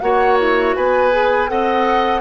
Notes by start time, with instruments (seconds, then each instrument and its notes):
0.00 bassoon A#3, clarinet F#4, oboe C#5, flute F#5
0.40 flute E4
0.76 bassoon B3, oboe B4, flute G#5
1.11 clarinet G#4
1.48 bassoon C4, clarinet A4, oboe D#5, flute F#5